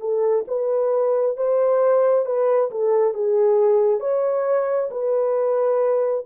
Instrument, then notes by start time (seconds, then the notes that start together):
horn
0.00 A4
0.48 B4
1.37 C5
2.26 B4
2.71 A4
3.14 G#4
4.00 C#5
4.91 B4